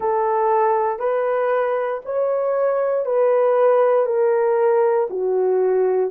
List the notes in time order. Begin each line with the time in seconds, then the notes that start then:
0.00 A4
0.99 B4
2.05 C#5
3.05 B4
4.06 A#4
5.09 F#4